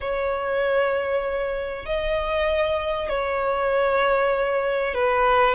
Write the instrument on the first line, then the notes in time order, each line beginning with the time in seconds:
violin
0.00 C#5
1.85 D#5
3.09 C#5
4.94 B4